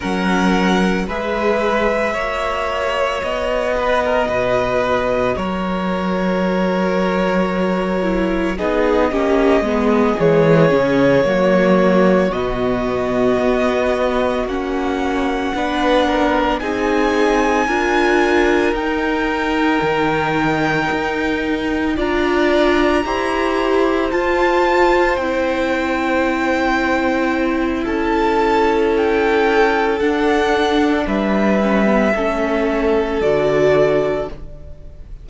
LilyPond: <<
  \new Staff \with { instrumentName = "violin" } { \time 4/4 \tempo 4 = 56 fis''4 e''2 dis''4~ | dis''4 cis''2. | dis''4. cis''2 dis''8~ | dis''4. fis''2 gis''8~ |
gis''4. g''2~ g''8~ | g''8 ais''2 a''4 g''8~ | g''2 a''4 g''4 | fis''4 e''2 d''4 | }
  \new Staff \with { instrumentName = "violin" } { \time 4/4 ais'4 b'4 cis''4. b'16 ais'16 | b'4 ais'2. | gis'8 g'8 gis'4. fis'4.~ | fis'2~ fis'8 b'8 ais'8 gis'8~ |
gis'8 ais'2.~ ais'8~ | ais'8 d''4 c''2~ c''8~ | c''2 a'2~ | a'4 b'4 a'2 | }
  \new Staff \with { instrumentName = "viola" } { \time 4/4 cis'4 gis'4 fis'2~ | fis'2.~ fis'8 e'8 | dis'8 cis'8 b8 gis8 cis'8 ais4 b8~ | b4. cis'4 d'4 dis'8~ |
dis'8 f'4 dis'2~ dis'8~ | dis'8 f'4 g'4 f'4 e'8~ | e'1 | d'4. cis'16 b16 cis'4 fis'4 | }
  \new Staff \with { instrumentName = "cello" } { \time 4/4 fis4 gis4 ais4 b4 | b,4 fis2. | b8 ais8 gis8 e8 cis8 fis4 b,8~ | b,8 b4 ais4 b4 c'8~ |
c'8 d'4 dis'4 dis4 dis'8~ | dis'8 d'4 e'4 f'4 c'8~ | c'2 cis'2 | d'4 g4 a4 d4 | }
>>